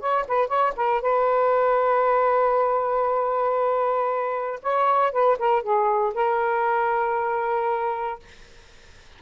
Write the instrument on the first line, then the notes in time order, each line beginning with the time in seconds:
saxophone
0.00 C#5
0.28 B4
0.48 C#5
0.76 A#4
1.02 B4
4.63 C#5
5.13 B4
5.39 A#4
5.63 G#4
6.15 A#4